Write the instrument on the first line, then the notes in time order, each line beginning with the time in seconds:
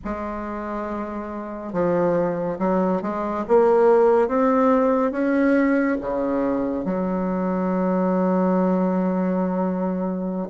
bassoon
0.04 G#3
1.72 F3
2.59 F#3
3.02 G#3
3.48 A#3
4.28 C4
5.11 C#4
6.00 C#3
6.84 F#3